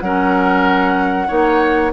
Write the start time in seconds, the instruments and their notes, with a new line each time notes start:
0.00 bassoon F#3, clarinet C#4, oboe A#4, flute F#5
1.28 bassoon A#3, clarinet D#4, oboe C#5